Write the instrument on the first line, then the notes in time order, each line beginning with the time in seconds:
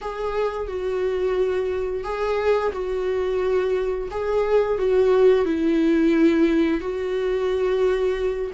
viola
0.01 G#4
0.67 F#4
2.04 G#4
2.72 F#4
4.10 G#4
4.78 F#4
5.45 E4
6.81 F#4